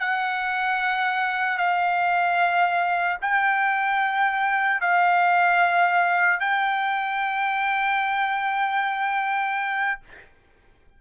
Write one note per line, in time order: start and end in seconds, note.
0.00 1.58 F#5
1.58 3.18 F5
3.22 4.81 G5
4.81 6.40 F5
6.40 10.00 G5